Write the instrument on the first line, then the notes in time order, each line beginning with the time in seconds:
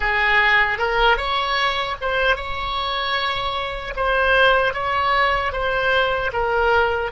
oboe
0.00 G#4
0.78 A#4
1.17 C#5
2.01 C5
2.35 C#5
3.95 C5
4.73 C#5
5.52 C5
6.32 A#4